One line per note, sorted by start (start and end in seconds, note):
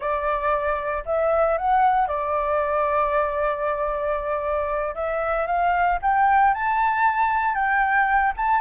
0.00 1.03 D5
1.05 1.57 E5
1.57 2.07 F#5
2.07 4.94 D5
4.94 5.46 E5
5.46 5.99 F5
6.02 6.53 G5
6.53 7.55 A5
7.55 8.33 G5
8.36 8.60 A5